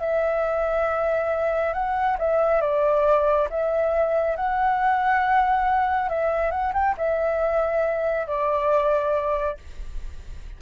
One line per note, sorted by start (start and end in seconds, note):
0.00 1.74 E5
1.74 2.17 F#5
2.19 2.61 E5
2.61 3.48 D5
3.50 4.36 E5
4.36 6.09 F#5
6.09 6.51 E5
6.51 6.73 F#5
6.74 6.95 G5
6.98 8.27 E5
8.27 9.58 D5